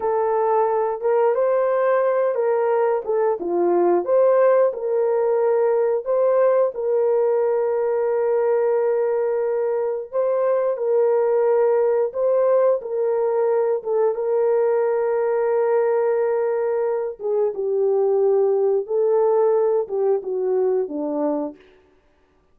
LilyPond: \new Staff \with { instrumentName = "horn" } { \time 4/4 \tempo 4 = 89 a'4. ais'8 c''4. ais'8~ | ais'8 a'8 f'4 c''4 ais'4~ | ais'4 c''4 ais'2~ | ais'2. c''4 |
ais'2 c''4 ais'4~ | ais'8 a'8 ais'2.~ | ais'4. gis'8 g'2 | a'4. g'8 fis'4 d'4 | }